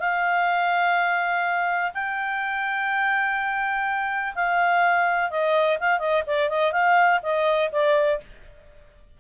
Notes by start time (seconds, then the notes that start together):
0.00 F5
1.94 G5
4.35 F5
5.30 D#5
5.80 F5
5.99 D#5
6.27 D5
6.50 D#5
6.72 F5
7.23 D#5
7.72 D5